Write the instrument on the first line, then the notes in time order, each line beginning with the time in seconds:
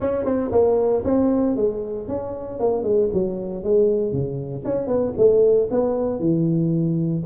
tuba
0.00 C#4
0.24 C4
0.51 A#3
1.04 C4
1.56 G#3
2.07 C#4
2.59 A#3
2.83 G#3
3.13 F#3
3.63 G#3
4.12 C#3
4.64 C#4
4.87 B3
5.17 A3
5.70 B3
6.19 E3